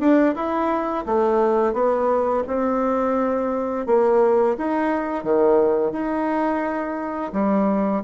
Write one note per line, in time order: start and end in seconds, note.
0.00 0.35 D4
0.35 1.05 E4
1.06 1.73 A3
1.73 2.43 B3
2.47 3.87 C4
3.87 4.56 A#3
4.58 5.24 D#4
5.24 5.92 D#3
5.92 7.32 D#4
7.33 8.03 G3